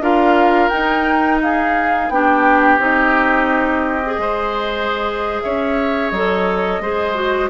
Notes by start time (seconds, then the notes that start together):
0.00 D4 F4 A#4 F5
0.69 D#4 G5
1.42 G#4 F5
2.09 B3 D4 G4 G5
2.78 C4 D#4 D#5
4.05 G#4
4.18 G#3 C5
5.41 C#4 C#5 E5
6.10 F#3 A4 D#5
6.80 G#3 G#4 C5
7.14 F#4